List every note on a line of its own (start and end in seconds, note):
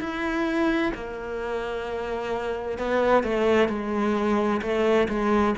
0.00 0.92 E4
0.94 2.78 A#3
2.78 3.23 B3
3.23 3.68 A3
3.68 4.61 G#3
4.62 5.08 A3
5.08 5.54 G#3